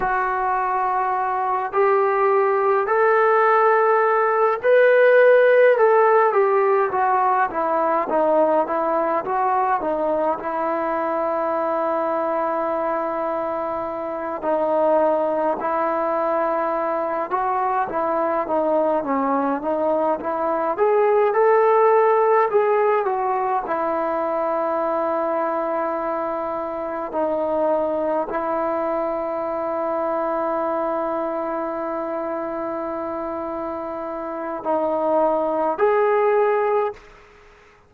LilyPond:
\new Staff \with { instrumentName = "trombone" } { \time 4/4 \tempo 4 = 52 fis'4. g'4 a'4. | b'4 a'8 g'8 fis'8 e'8 dis'8 e'8 | fis'8 dis'8 e'2.~ | e'8 dis'4 e'4. fis'8 e'8 |
dis'8 cis'8 dis'8 e'8 gis'8 a'4 gis'8 | fis'8 e'2. dis'8~ | dis'8 e'2.~ e'8~ | e'2 dis'4 gis'4 | }